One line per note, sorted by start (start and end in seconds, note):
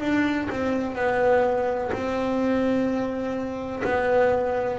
0.00 0.48 D4
0.50 0.96 C4
0.96 1.91 B3
1.92 3.83 C4
3.84 4.79 B3